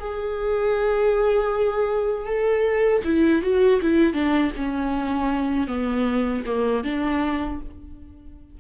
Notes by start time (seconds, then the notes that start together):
0.00 G#4
2.27 A4
3.04 E4
3.42 F#4
3.83 E4
4.14 D4
4.57 C#4
5.68 B3
6.46 A#3
6.84 D4